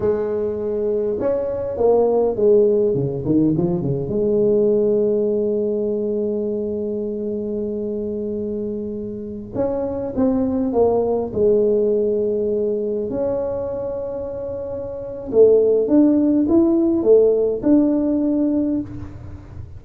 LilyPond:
\new Staff \with { instrumentName = "tuba" } { \time 4/4 \tempo 4 = 102 gis2 cis'4 ais4 | gis4 cis8 dis8 f8 cis8 gis4~ | gis1~ | gis1~ |
gis16 cis'4 c'4 ais4 gis8.~ | gis2~ gis16 cis'4.~ cis'16~ | cis'2 a4 d'4 | e'4 a4 d'2 | }